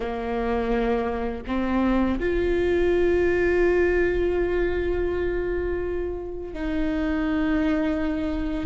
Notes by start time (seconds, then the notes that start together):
0.00 A#3
1.46 C4
2.19 F4
6.53 D#4